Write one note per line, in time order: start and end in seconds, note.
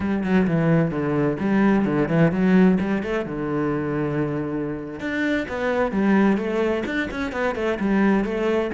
0.00 0.23 G3
0.23 0.47 F#3
0.47 0.90 E3
0.90 1.37 D3
1.39 1.85 G3
1.85 2.08 D3
2.08 2.31 E3
2.31 2.78 F#3
2.80 3.02 G3
3.02 3.25 A3
3.25 5.00 D3
5.00 5.46 D4
5.48 5.91 B3
5.91 6.37 G3
6.37 6.83 A3
6.85 7.08 D4
7.11 7.32 C#4
7.32 7.55 B3
7.55 7.78 A3
7.79 8.24 G3
8.24 8.70 A3